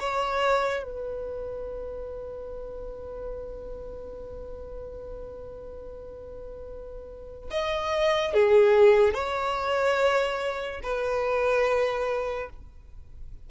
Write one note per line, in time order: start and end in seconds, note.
0.00 0.83 C#5
0.83 7.50 B4
7.50 8.34 D#5
8.34 9.14 G#4
9.14 10.81 C#5
10.83 12.50 B4